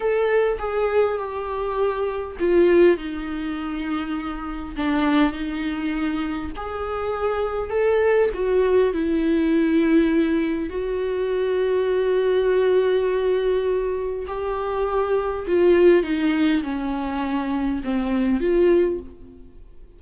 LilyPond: \new Staff \with { instrumentName = "viola" } { \time 4/4 \tempo 4 = 101 a'4 gis'4 g'2 | f'4 dis'2. | d'4 dis'2 gis'4~ | gis'4 a'4 fis'4 e'4~ |
e'2 fis'2~ | fis'1 | g'2 f'4 dis'4 | cis'2 c'4 f'4 | }